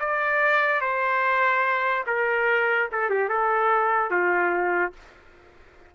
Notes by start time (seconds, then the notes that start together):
0.00 D5
0.81 C5
2.07 A#4
2.92 A4
3.10 G4
3.29 A4
4.11 F4